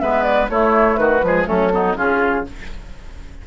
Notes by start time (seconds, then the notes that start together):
0.00 G#3 B3 B4 E5
0.23 D5
0.50 A3 E4 C#5
0.97 D#3 F#4 B4
1.23 F3 G#3 G#4
1.46 F#3 A3 C#4 A4
1.72 B3 D#4
1.96 C#3 C#4 F4 G#4